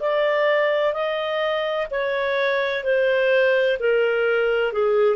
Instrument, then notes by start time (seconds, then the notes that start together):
clarinet
0.00 D5
0.93 D#5
1.90 C#5
2.84 C5
3.79 A#4
4.73 G#4